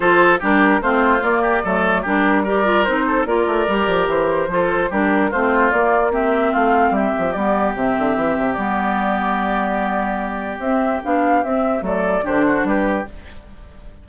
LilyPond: <<
  \new Staff \with { instrumentName = "flute" } { \time 4/4 \tempo 4 = 147 c''4 ais'4 c''4 d''4~ | d''4 ais'4 d''4 c''4 | d''2 c''2 | ais'4 c''4 d''4 e''4 |
f''4 e''4 d''4 e''4~ | e''4 d''2.~ | d''2 e''4 f''4 | e''4 d''4 c''4 b'4 | }
  \new Staff \with { instrumentName = "oboe" } { \time 4/4 a'4 g'4 f'4. g'8 | a'4 g'4 ais'4. a'8 | ais'2. a'4 | g'4 f'2 g'4 |
f'4 g'2.~ | g'1~ | g'1~ | g'4 a'4 g'8 fis'8 g'4 | }
  \new Staff \with { instrumentName = "clarinet" } { \time 4/4 f'4 d'4 c'4 ais4 | a4 d'4 g'8 f'8 dis'4 | f'4 g'2 f'4 | d'4 c'4 ais4 c'4~ |
c'2 b4 c'4~ | c'4 b2.~ | b2 c'4 d'4 | c'4 a4 d'2 | }
  \new Staff \with { instrumentName = "bassoon" } { \time 4/4 f4 g4 a4 ais4 | fis4 g2 c'4 | ais8 a8 g8 f8 e4 f4 | g4 a4 ais2 |
a4 g8 f8 g4 c8 d8 | e8 c8 g2.~ | g2 c'4 b4 | c'4 fis4 d4 g4 | }
>>